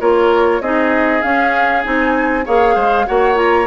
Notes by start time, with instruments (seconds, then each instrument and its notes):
0.00 bassoon A#3, clarinet F4, oboe A#4, flute C#5
0.60 bassoon C4, clarinet D#4, oboe G#4, flute D#5
1.22 clarinet C#4, bassoon C#4, flute F5
1.83 bassoon C4, clarinet D#4, flute G#5
2.45 bassoon A#3, clarinet G#4, oboe C#5, flute F5
2.75 bassoon G#3, oboe C5
3.06 bassoon A#3, clarinet F#4, oboe C#5, flute F#5
3.35 clarinet F4, flute A#5